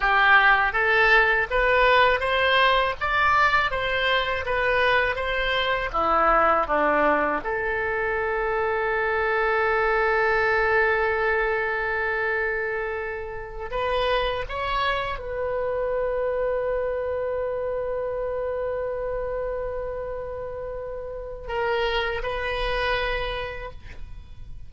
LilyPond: \new Staff \with { instrumentName = "oboe" } { \time 4/4 \tempo 4 = 81 g'4 a'4 b'4 c''4 | d''4 c''4 b'4 c''4 | e'4 d'4 a'2~ | a'1~ |
a'2~ a'8 b'4 cis''8~ | cis''8 b'2.~ b'8~ | b'1~ | b'4 ais'4 b'2 | }